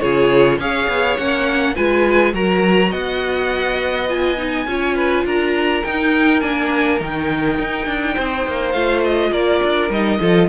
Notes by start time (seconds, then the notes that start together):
0.00 C#3 F4 G#4 C#5
0.58 C#4 G#4 C#5 F5
0.88 B3
1.17 A#3 C#4 F#5
1.75 G#3 F4 B4 G#5
2.33 F#3 F#4 A#4 A#5
2.90 B3 D#5 F#5
4.08 F4 G#5
4.37 D#4
4.66 C#4 F4 C#5
4.95 B4
5.25 D4 A#4 A#5
5.83 D#4 G5
6.40 A#3 D4 G#5
6.99 D#3 D#4 G5
7.59 D#4
7.86 D4
8.14 C4 C5
8.47 A#3
8.71 A3 F4 F5
9.04 D#5
9.32 A#3 A#4 D5
9.63 D4
9.90 G3 D#4 D#5
10.20 F3 F4 A4